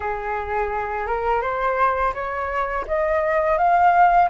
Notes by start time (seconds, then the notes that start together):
0.00 G#4
1.06 A#4
1.41 C5
2.14 C#5
2.87 D#5
3.57 F5